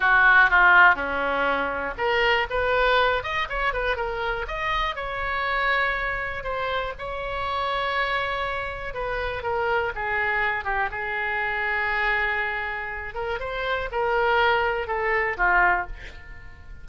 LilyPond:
\new Staff \with { instrumentName = "oboe" } { \time 4/4 \tempo 4 = 121 fis'4 f'4 cis'2 | ais'4 b'4. dis''8 cis''8 b'8 | ais'4 dis''4 cis''2~ | cis''4 c''4 cis''2~ |
cis''2 b'4 ais'4 | gis'4. g'8 gis'2~ | gis'2~ gis'8 ais'8 c''4 | ais'2 a'4 f'4 | }